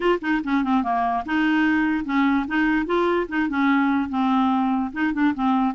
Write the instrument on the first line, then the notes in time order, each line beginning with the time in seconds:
clarinet
0.00 F4
0.21 D#4
0.44 C#4
0.63 C4
0.83 A#3
1.25 D#4
2.05 C#4
2.47 D#4
2.85 F4
3.28 D#4
3.48 C#4
4.09 C4
4.92 D#4
5.13 D4
5.34 C4